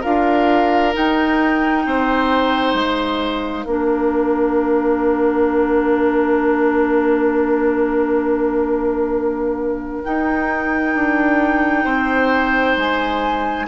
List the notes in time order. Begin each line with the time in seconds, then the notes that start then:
0.00 D4 F4 A#4 F5
0.93 D#4 G5
1.85 C4 C5
2.74 G#3 F5
3.65 A#3 D4 A#4
10.04 D#4 G5
10.95 D4
11.84 C4 C5
12.76 G#3 G#5